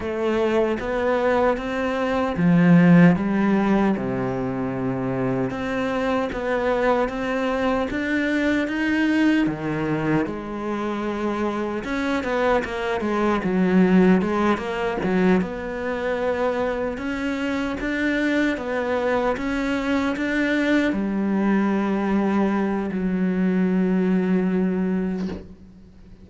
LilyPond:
\new Staff \with { instrumentName = "cello" } { \time 4/4 \tempo 4 = 76 a4 b4 c'4 f4 | g4 c2 c'4 | b4 c'4 d'4 dis'4 | dis4 gis2 cis'8 b8 |
ais8 gis8 fis4 gis8 ais8 fis8 b8~ | b4. cis'4 d'4 b8~ | b8 cis'4 d'4 g4.~ | g4 fis2. | }